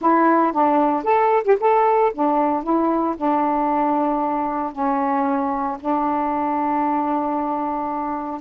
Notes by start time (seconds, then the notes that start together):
0.01 E4
0.52 D4
1.03 A4
1.44 G4
1.59 A4
2.14 D4
2.63 E4
3.16 D4
4.72 C#4
5.79 D4